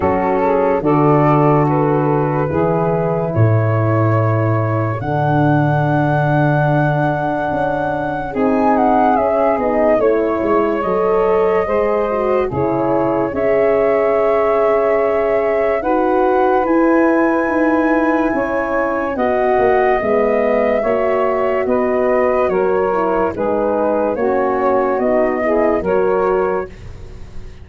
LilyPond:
<<
  \new Staff \with { instrumentName = "flute" } { \time 4/4 \tempo 4 = 72 a'4 d''4 b'2 | cis''2 fis''2~ | fis''2 gis''8 fis''8 e''8 dis''8 | cis''4 dis''2 cis''4 |
e''2. fis''4 | gis''2. fis''4 | e''2 dis''4 cis''4 | b'4 cis''4 dis''4 cis''4 | }
  \new Staff \with { instrumentName = "saxophone" } { \time 4/4 fis'8 gis'8 a'2 gis'4 | a'1~ | a'2 gis'2 | cis''2 c''4 gis'4 |
cis''2. b'4~ | b'2 cis''4 dis''4~ | dis''4 cis''4 b'4 ais'4 | gis'4 fis'4. gis'8 ais'4 | }
  \new Staff \with { instrumentName = "horn" } { \time 4/4 cis'4 fis'2 e'4~ | e'2 d'2~ | d'2 dis'4 cis'8 dis'8 | e'4 a'4 gis'8 fis'8 e'4 |
gis'2. fis'4 | e'2. fis'4 | b4 fis'2~ fis'8 e'8 | dis'4 cis'4 dis'8 e'8 fis'4 | }
  \new Staff \with { instrumentName = "tuba" } { \time 4/4 fis4 d2 e4 | a,2 d2~ | d4 cis'4 c'4 cis'8 b8 | a8 gis8 fis4 gis4 cis4 |
cis'2. dis'4 | e'4 dis'4 cis'4 b8 ais8 | gis4 ais4 b4 fis4 | gis4 ais4 b4 fis4 | }
>>